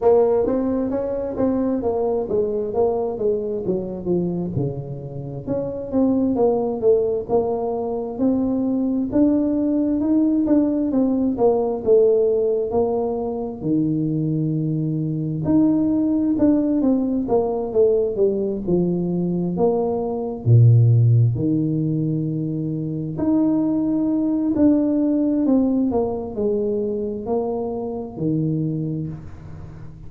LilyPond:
\new Staff \with { instrumentName = "tuba" } { \time 4/4 \tempo 4 = 66 ais8 c'8 cis'8 c'8 ais8 gis8 ais8 gis8 | fis8 f8 cis4 cis'8 c'8 ais8 a8 | ais4 c'4 d'4 dis'8 d'8 | c'8 ais8 a4 ais4 dis4~ |
dis4 dis'4 d'8 c'8 ais8 a8 | g8 f4 ais4 ais,4 dis8~ | dis4. dis'4. d'4 | c'8 ais8 gis4 ais4 dis4 | }